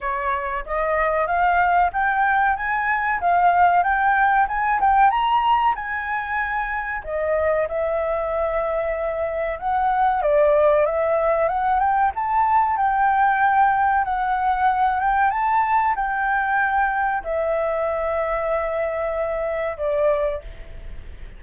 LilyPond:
\new Staff \with { instrumentName = "flute" } { \time 4/4 \tempo 4 = 94 cis''4 dis''4 f''4 g''4 | gis''4 f''4 g''4 gis''8 g''8 | ais''4 gis''2 dis''4 | e''2. fis''4 |
d''4 e''4 fis''8 g''8 a''4 | g''2 fis''4. g''8 | a''4 g''2 e''4~ | e''2. d''4 | }